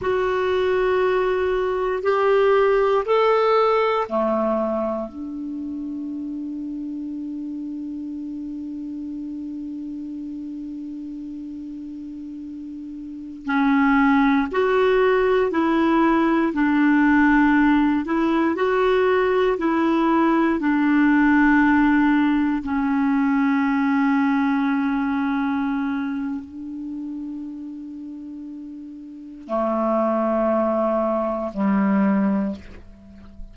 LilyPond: \new Staff \with { instrumentName = "clarinet" } { \time 4/4 \tempo 4 = 59 fis'2 g'4 a'4 | a4 d'2.~ | d'1~ | d'4~ d'16 cis'4 fis'4 e'8.~ |
e'16 d'4. e'8 fis'4 e'8.~ | e'16 d'2 cis'4.~ cis'16~ | cis'2 d'2~ | d'4 a2 g4 | }